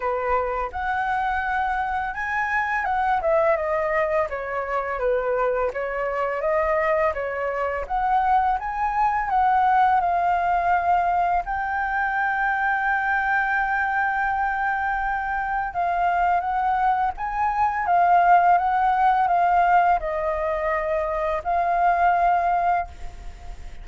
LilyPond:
\new Staff \with { instrumentName = "flute" } { \time 4/4 \tempo 4 = 84 b'4 fis''2 gis''4 | fis''8 e''8 dis''4 cis''4 b'4 | cis''4 dis''4 cis''4 fis''4 | gis''4 fis''4 f''2 |
g''1~ | g''2 f''4 fis''4 | gis''4 f''4 fis''4 f''4 | dis''2 f''2 | }